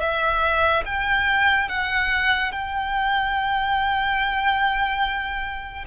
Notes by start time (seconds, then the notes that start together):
0.00 E5
0.86 G5
1.69 F#5
2.52 G5